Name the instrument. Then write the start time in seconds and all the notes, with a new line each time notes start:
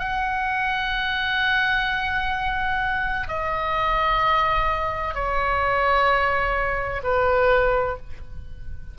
oboe
0.00 F#5
3.29 D#5
5.15 C#5
7.04 B4